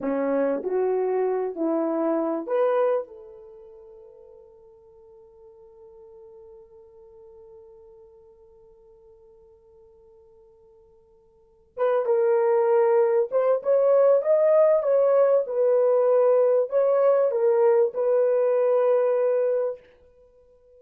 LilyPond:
\new Staff \with { instrumentName = "horn" } { \time 4/4 \tempo 4 = 97 cis'4 fis'4. e'4. | b'4 a'2.~ | a'1~ | a'1~ |
a'2. b'8 ais'8~ | ais'4. c''8 cis''4 dis''4 | cis''4 b'2 cis''4 | ais'4 b'2. | }